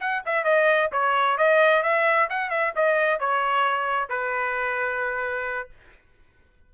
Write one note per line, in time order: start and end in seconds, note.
0.00 0.23 F#5
0.26 0.44 E5
0.44 0.90 D#5
0.92 1.38 C#5
1.38 1.83 D#5
1.83 2.29 E5
2.30 2.50 F#5
2.50 2.73 E5
2.76 3.20 D#5
3.20 4.10 C#5
4.10 5.70 B4